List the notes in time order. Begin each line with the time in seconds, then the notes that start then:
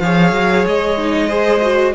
0.00 F3 G#4 C#5 F5
0.32 F#3
0.66 G#3 D#5
0.98 D#4
1.28 G#4 C5
1.62 F#4